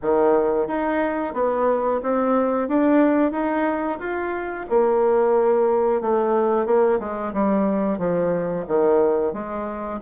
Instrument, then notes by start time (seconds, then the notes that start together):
bassoon
0.02 D#3
0.67 D#4
1.33 B3
2.02 C4
2.68 D4
3.32 D#4
3.99 F4
4.69 A#3
6.01 A3
6.65 A#3
6.99 G#3
7.33 G3
7.98 F3
8.67 D#3
9.33 G#3